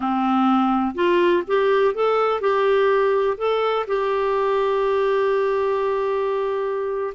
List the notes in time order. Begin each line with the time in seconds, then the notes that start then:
0.00 C4
0.95 F4
1.47 G4
1.94 A4
2.40 G4
3.37 A4
3.87 G4